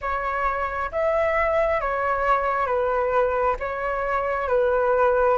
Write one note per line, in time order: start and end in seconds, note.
0.01 0.90 C#5
0.91 1.81 E5
1.81 2.66 C#5
2.66 3.56 B4
3.59 4.48 C#5
4.48 5.37 B4